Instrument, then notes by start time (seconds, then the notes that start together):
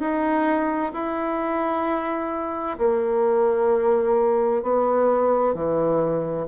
bassoon
0.00 D#4
0.93 E4
2.78 A#3
4.62 B3
5.54 E3